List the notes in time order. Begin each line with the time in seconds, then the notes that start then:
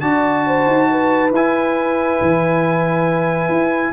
0.00 D4 F#4 D5 A5
0.46 C5
0.66 D#4
0.91 B4
1.32 E4 G#5
2.21 E3
3.48 E4